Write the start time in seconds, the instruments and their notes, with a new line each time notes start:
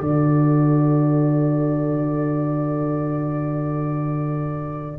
0.00 tuba D3, trombone F#4, horn A4, trumpet D5